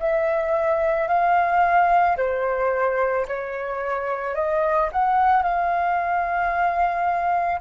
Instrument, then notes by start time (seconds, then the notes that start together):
flute
0.00 E5
1.08 F5
2.17 C5
3.28 C#5
4.35 D#5
4.92 F#5
5.43 F5